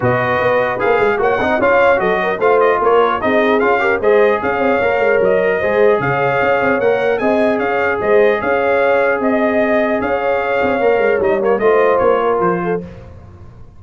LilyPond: <<
  \new Staff \with { instrumentName = "trumpet" } { \time 4/4 \tempo 4 = 150 dis''2 f''4 fis''4 | f''4 dis''4 f''8 dis''8 cis''4 | dis''4 f''4 dis''4 f''4~ | f''4 dis''2 f''4~ |
f''4 fis''4 gis''4 f''4 | dis''4 f''2 dis''4~ | dis''4 f''2. | dis''8 cis''8 dis''4 cis''4 c''4 | }
  \new Staff \with { instrumentName = "horn" } { \time 4/4 b'2. cis''8 dis''8 | cis''4 a'8 ais'8 c''4 ais'4 | gis'4. ais'8 c''4 cis''4~ | cis''2 c''4 cis''4~ |
cis''2 dis''4 cis''4 | c''4 cis''2 dis''4~ | dis''4 cis''2.~ | cis''4 c''4. ais'4 a'8 | }
  \new Staff \with { instrumentName = "trombone" } { \time 4/4 fis'2 gis'4 fis'8 dis'8 | f'4 fis'4 f'2 | dis'4 f'8 g'8 gis'2 | ais'2 gis'2~ |
gis'4 ais'4 gis'2~ | gis'1~ | gis'2. ais'4 | dis'8 ais8 f'2. | }
  \new Staff \with { instrumentName = "tuba" } { \time 4/4 b,4 b4 ais8 gis8 ais8 c'8 | cis'4 fis4 a4 ais4 | c'4 cis'4 gis4 cis'8 c'8 | ais8 gis8 fis4 gis4 cis4 |
cis'8 c'8 ais4 c'4 cis'4 | gis4 cis'2 c'4~ | c'4 cis'4. c'8 ais8 gis8 | g4 a4 ais4 f4 | }
>>